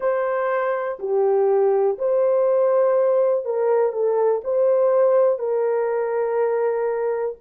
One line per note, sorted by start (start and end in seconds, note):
0.00 0.98 C5
0.99 1.97 G4
1.98 3.44 C5
3.44 3.92 A#4
3.92 4.41 A4
4.44 5.38 C5
5.38 7.35 A#4